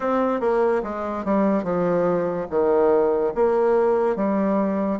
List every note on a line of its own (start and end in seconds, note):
0.00 0.40 C4
0.40 0.82 A#3
0.83 1.24 G#3
1.24 1.63 G3
1.63 2.47 F3
2.50 3.33 D#3
3.34 4.16 A#3
4.16 4.99 G3